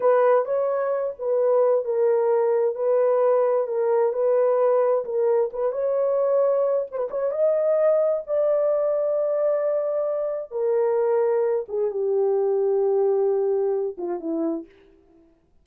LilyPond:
\new Staff \with { instrumentName = "horn" } { \time 4/4 \tempo 4 = 131 b'4 cis''4. b'4. | ais'2 b'2 | ais'4 b'2 ais'4 | b'8 cis''2~ cis''8 c''16 b'16 cis''8 |
dis''2 d''2~ | d''2. ais'4~ | ais'4. gis'8 g'2~ | g'2~ g'8 f'8 e'4 | }